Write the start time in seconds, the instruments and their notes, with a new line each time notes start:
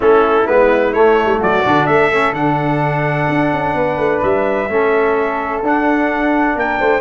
0.00 tuba A3, trombone C#4, flute E4, trumpet A4
0.47 tuba G#3, trombone B3, trumpet B4
0.93 trombone A3, tuba A3, trumpet C#5
1.25 tuba G3
1.39 tuba F#3, flute F#4, trumpet D5
1.64 tuba D3, trombone D4
1.86 tuba A3, flute A4, trumpet E5
2.12 trombone C#4
2.32 tuba D3, trombone D4, trumpet F#5
3.29 tuba D4
3.52 tuba C#4
3.74 tuba B3, flute B4
3.97 tuba A3
4.22 tuba G3, trumpet E5
4.68 tuba A3, trombone C#4, flute A4
5.62 tuba D4, trombone D4, trumpet F#5
6.55 tuba A#3, flute A#4, trumpet G5
6.79 tuba A3, flute C5